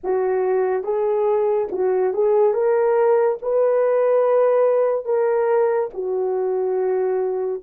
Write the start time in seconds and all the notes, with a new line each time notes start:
0.03 F#4
0.83 G#4
1.71 F#4
2.13 G#4
2.53 A#4
3.41 B4
5.05 A#4
5.93 F#4